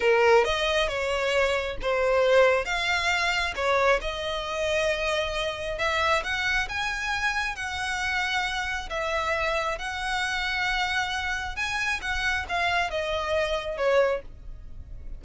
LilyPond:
\new Staff \with { instrumentName = "violin" } { \time 4/4 \tempo 4 = 135 ais'4 dis''4 cis''2 | c''2 f''2 | cis''4 dis''2.~ | dis''4 e''4 fis''4 gis''4~ |
gis''4 fis''2. | e''2 fis''2~ | fis''2 gis''4 fis''4 | f''4 dis''2 cis''4 | }